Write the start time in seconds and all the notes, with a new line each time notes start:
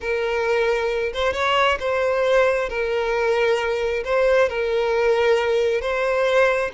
0.01 A#4
1.13 C5
1.33 C#5
1.79 C5
2.69 A#4
4.04 C5
4.49 A#4
5.81 C5